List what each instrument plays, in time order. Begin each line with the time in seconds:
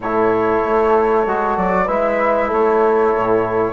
0.00 bassoon A2, trombone E4, horn A4, flute C#5
0.65 bassoon A3
1.26 bassoon G#3, trombone F#4
1.57 bassoon F#3, flute D5
1.85 bassoon G#3, trombone E4, horn B4, flute E5
2.47 bassoon A3, horn A4, flute C#5
3.15 bassoon A2